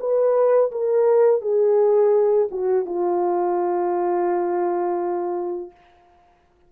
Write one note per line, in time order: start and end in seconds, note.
0.00 0.71 B4
0.72 1.42 A#4
1.42 2.49 G#4
2.51 2.86 F#4
2.86 5.71 F4